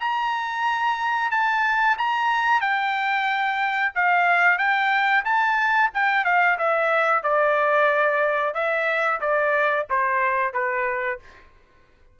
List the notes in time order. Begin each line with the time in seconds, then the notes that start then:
0.00 A#5
1.31 A5
1.98 A#5
2.61 G5
3.95 F5
4.58 G5
5.24 A5
5.93 G5
6.25 F5
6.58 E5
7.23 D5
8.54 E5
9.21 D5
9.90 C5
10.53 B4